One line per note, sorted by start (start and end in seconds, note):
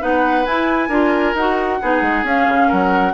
0.00 0.46 B3
0.00 0.45 D#4
0.00 0.89 B4
0.00 0.45 F#5
0.45 0.90 E4
0.45 0.88 E4
0.45 1.35 G#5
0.88 1.33 D4
0.88 1.35 F4
0.88 1.78 A#4
1.34 1.79 D#4
1.34 1.81 F#4
1.34 2.26 F#5
1.81 2.01 B3
1.81 2.26 D#4
1.81 2.67 G#4
2.01 2.23 G#3
2.23 2.45 C#4
2.23 3.14 C#4
2.23 2.71 F5
2.48 2.70 C#3
2.67 3.14 F#3
2.67 3.12 A#4
2.67 3.14 F#5